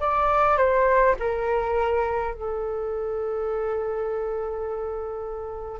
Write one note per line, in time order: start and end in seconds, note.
0.00 0.57 D5
0.57 1.15 C5
1.20 2.33 A#4
2.33 5.80 A4